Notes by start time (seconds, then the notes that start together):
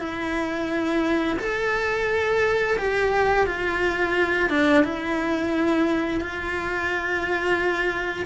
0.00 E4
1.39 A4
2.78 G4
3.47 F4
4.50 D4
4.84 E4
6.21 F4